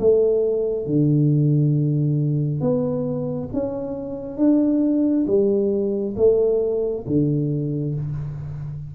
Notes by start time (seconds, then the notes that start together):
0.00 A3
0.86 D3
2.61 B3
3.53 C#4
4.38 D4
5.27 G3
6.16 A3
7.07 D3